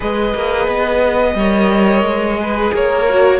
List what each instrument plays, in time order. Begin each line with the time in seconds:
0.00 cello G#3, viola G#4, violin B4 D#5
0.34 cello A#3
0.67 cello B3
1.35 cello G3, viola A#4, violin C#5
2.03 cello G#3
2.37 viola G#4, violin B4
2.73 cello A#3, violin A#4 C#5
3.09 viola F#4